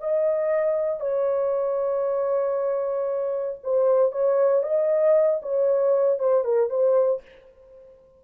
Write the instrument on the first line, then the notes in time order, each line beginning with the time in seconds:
horn
0.00 D#5
1.00 C#5
3.63 C5
4.12 C#5
4.63 D#5
5.43 C#5
6.19 C5
6.44 A#4
6.70 C5